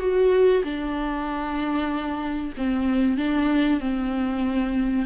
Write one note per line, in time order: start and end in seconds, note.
0.00 0.63 F#4
0.64 2.53 D4
2.58 3.18 C4
3.18 3.80 D4
3.80 5.06 C4